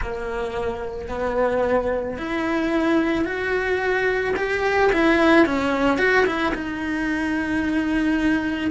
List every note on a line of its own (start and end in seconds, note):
0.01 1.08 A#3
1.08 2.17 B3
2.17 3.24 E4
3.24 4.33 F#4
4.36 4.91 G4
4.92 5.45 E4
5.45 5.98 C#4
5.98 6.25 F#4
6.25 6.53 E4
6.54 8.70 D#4